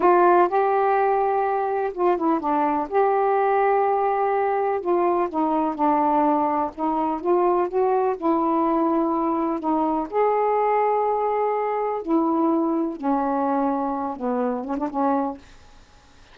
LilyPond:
\new Staff \with { instrumentName = "saxophone" } { \time 4/4 \tempo 4 = 125 f'4 g'2. | f'8 e'8 d'4 g'2~ | g'2 f'4 dis'4 | d'2 dis'4 f'4 |
fis'4 e'2. | dis'4 gis'2.~ | gis'4 e'2 cis'4~ | cis'4. b4 cis'16 d'16 cis'4 | }